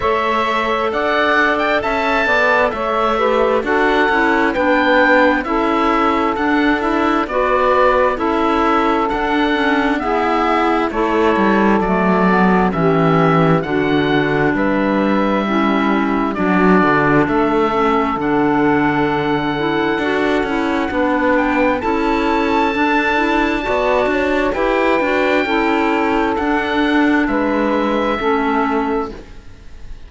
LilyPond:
<<
  \new Staff \with { instrumentName = "oboe" } { \time 4/4 \tempo 4 = 66 e''4 fis''8. g''16 a''4 e''4 | fis''4 g''4 e''4 fis''8 e''8 | d''4 e''4 fis''4 e''4 | cis''4 d''4 e''4 fis''4 |
e''2 d''4 e''4 | fis''2.~ fis''8 g''8 | a''2. g''4~ | g''4 fis''4 e''2 | }
  \new Staff \with { instrumentName = "saxophone" } { \time 4/4 cis''4 d''4 e''8 d''8 cis''8 b'8 | a'4 b'4 a'2 | b'4 a'2 gis'4 | a'2 g'4 fis'4 |
b'4 e'4 fis'4 a'4~ | a'2. b'4 | a'2 d''8 cis''8 b'4 | a'2 b'4 a'4 | }
  \new Staff \with { instrumentName = "clarinet" } { \time 4/4 a'2.~ a'8 g'8 | fis'8 e'8 d'4 e'4 d'8 e'8 | fis'4 e'4 d'8 cis'8 b4 | e'4 a8 b8 cis'4 d'4~ |
d'4 cis'4 d'4. cis'8 | d'4. e'8 fis'8 e'8 d'4 | e'4 d'8 e'8 fis'4 g'8 fis'8 | e'4 d'2 cis'4 | }
  \new Staff \with { instrumentName = "cello" } { \time 4/4 a4 d'4 cis'8 b8 a4 | d'8 cis'8 b4 cis'4 d'4 | b4 cis'4 d'4 e'4 | a8 g8 fis4 e4 d4 |
g2 fis8 d8 a4 | d2 d'8 cis'8 b4 | cis'4 d'4 b8 d'8 e'8 d'8 | cis'4 d'4 gis4 a4 | }
>>